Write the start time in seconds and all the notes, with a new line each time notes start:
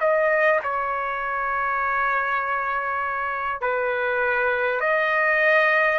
0.00 D#5
0.63 C#5
3.61 B4
4.81 D#5